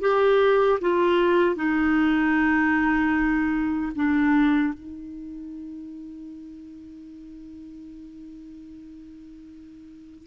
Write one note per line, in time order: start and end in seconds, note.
0.00 0.79 G4
0.81 1.55 F4
1.55 3.92 D#4
3.95 4.74 D4
4.74 10.26 D#4